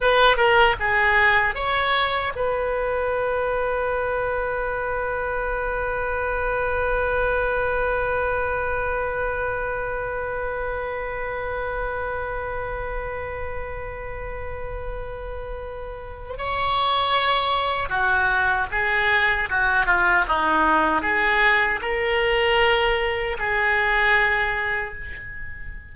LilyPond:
\new Staff \with { instrumentName = "oboe" } { \time 4/4 \tempo 4 = 77 b'8 ais'8 gis'4 cis''4 b'4~ | b'1~ | b'1~ | b'1~ |
b'1~ | b'4 cis''2 fis'4 | gis'4 fis'8 f'8 dis'4 gis'4 | ais'2 gis'2 | }